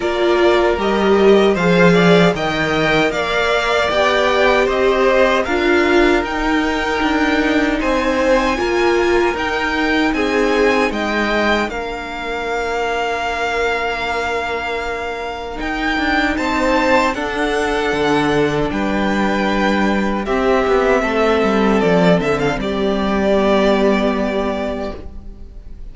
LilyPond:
<<
  \new Staff \with { instrumentName = "violin" } { \time 4/4 \tempo 4 = 77 d''4 dis''4 f''4 g''4 | f''4 g''4 dis''4 f''4 | g''2 gis''2 | g''4 gis''4 g''4 f''4~ |
f''1 | g''4 a''4 fis''2 | g''2 e''2 | d''8 e''16 f''16 d''2. | }
  \new Staff \with { instrumentName = "violin" } { \time 4/4 ais'2 c''8 d''8 dis''4 | d''2 c''4 ais'4~ | ais'2 c''4 ais'4~ | ais'4 gis'4 dis''4 ais'4~ |
ais'1~ | ais'4 c''4 a'2 | b'2 g'4 a'4~ | a'4 g'2. | }
  \new Staff \with { instrumentName = "viola" } { \time 4/4 f'4 g'4 gis'4 ais'4~ | ais'4 g'2 f'4 | dis'2. f'4 | dis'2. d'4~ |
d'1 | dis'2 d'2~ | d'2 c'2~ | c'2 b2 | }
  \new Staff \with { instrumentName = "cello" } { \time 4/4 ais4 g4 f4 dis4 | ais4 b4 c'4 d'4 | dis'4 d'4 c'4 ais4 | dis'4 c'4 gis4 ais4~ |
ais1 | dis'8 d'8 c'4 d'4 d4 | g2 c'8 b8 a8 g8 | f8 d8 g2. | }
>>